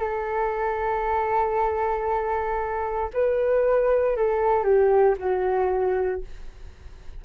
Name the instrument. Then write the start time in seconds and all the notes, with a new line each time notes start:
flute
0.00 A4
3.14 B4
4.17 A4
4.64 G4
5.18 F#4